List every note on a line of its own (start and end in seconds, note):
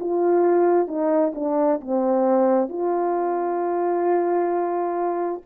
0.00 0.87 F4
0.87 1.33 D#4
1.35 1.80 D4
1.81 2.69 C4
2.69 5.41 F4